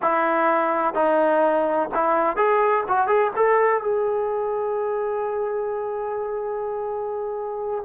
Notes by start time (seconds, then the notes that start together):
0.02 E4
0.94 D#4
1.94 E4
2.36 G#4
2.88 F#4
3.07 G#4
3.35 A4
3.81 G#4